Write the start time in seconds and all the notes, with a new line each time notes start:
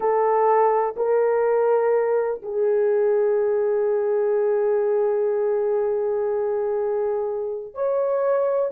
0.00 A4
0.96 A#4
2.42 G#4
7.74 C#5